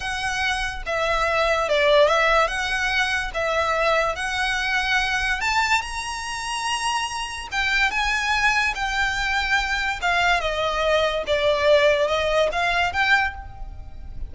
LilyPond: \new Staff \with { instrumentName = "violin" } { \time 4/4 \tempo 4 = 144 fis''2 e''2 | d''4 e''4 fis''2 | e''2 fis''2~ | fis''4 a''4 ais''2~ |
ais''2 g''4 gis''4~ | gis''4 g''2. | f''4 dis''2 d''4~ | d''4 dis''4 f''4 g''4 | }